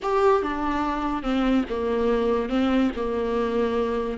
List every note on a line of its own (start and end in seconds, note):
0.02 0.42 G4
0.42 1.22 D4
1.22 1.64 C4
1.69 2.49 A#3
2.49 2.90 C4
2.96 4.17 A#3